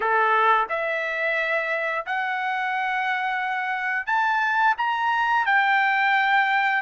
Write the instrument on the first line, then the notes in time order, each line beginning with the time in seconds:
trumpet
0.00 A4
0.69 E5
2.06 F#5
4.06 A5
4.77 A#5
5.45 G5